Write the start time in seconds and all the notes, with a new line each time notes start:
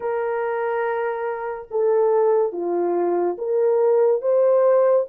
0.00 A#4
1.70 A4
2.52 F4
3.38 A#4
4.21 C5